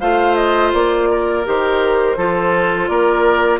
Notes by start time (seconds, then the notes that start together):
0.00 A3 F4 C5 F5
0.35 D#5
0.73 A#3 D5
1.11 A#4
1.45 D#3 G4 C5
2.16 F3 F4 A4
2.87 A#3 A#4 D5